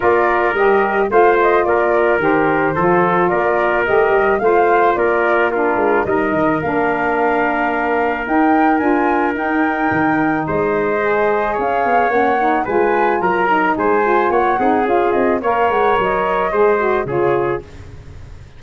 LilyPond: <<
  \new Staff \with { instrumentName = "flute" } { \time 4/4 \tempo 4 = 109 d''4 dis''4 f''8 dis''8 d''4 | c''2 d''4 dis''4 | f''4 d''4 ais'4 dis''4 | f''2. g''4 |
gis''4 g''2 dis''4~ | dis''4 f''4 fis''4 gis''4 | ais''4 gis''4 fis''4 f''8 dis''8 | f''8 fis''8 dis''2 cis''4 | }
  \new Staff \with { instrumentName = "trumpet" } { \time 4/4 ais'2 c''4 ais'4~ | ais'4 a'4 ais'2 | c''4 ais'4 f'4 ais'4~ | ais'1~ |
ais'2. c''4~ | c''4 cis''2 b'4 | ais'4 c''4 cis''8 gis'4. | cis''2 c''4 gis'4 | }
  \new Staff \with { instrumentName = "saxophone" } { \time 4/4 f'4 g'4 f'2 | g'4 f'2 g'4 | f'2 d'4 dis'4 | d'2. dis'4 |
f'4 dis'2. | gis'2 cis'8 dis'8 f'4~ | f'8 dis'4 f'4 dis'8 f'4 | ais'2 gis'8 fis'8 f'4 | }
  \new Staff \with { instrumentName = "tuba" } { \time 4/4 ais4 g4 a4 ais4 | dis4 f4 ais4 a8 g8 | a4 ais4. gis8 g8 dis8 | ais2. dis'4 |
d'4 dis'4 dis4 gis4~ | gis4 cis'8 b8 ais4 gis4 | fis4 gis4 ais8 c'8 cis'8 c'8 | ais8 gis8 fis4 gis4 cis4 | }
>>